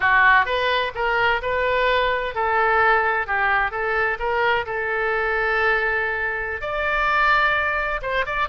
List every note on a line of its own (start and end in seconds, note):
0.00 0.45 F#4
0.45 0.92 B4
0.94 1.41 A#4
1.42 2.34 B4
2.34 3.26 A4
3.26 3.71 G4
3.71 4.17 A4
4.19 4.65 A#4
4.66 6.61 A4
6.61 8.00 D5
8.02 8.25 C5
8.26 8.48 D5